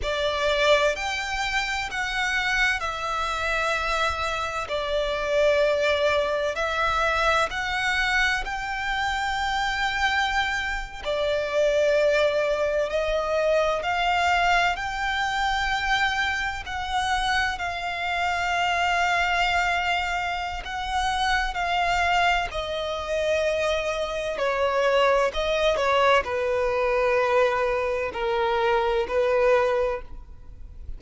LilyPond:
\new Staff \with { instrumentName = "violin" } { \time 4/4 \tempo 4 = 64 d''4 g''4 fis''4 e''4~ | e''4 d''2 e''4 | fis''4 g''2~ g''8. d''16~ | d''4.~ d''16 dis''4 f''4 g''16~ |
g''4.~ g''16 fis''4 f''4~ f''16~ | f''2 fis''4 f''4 | dis''2 cis''4 dis''8 cis''8 | b'2 ais'4 b'4 | }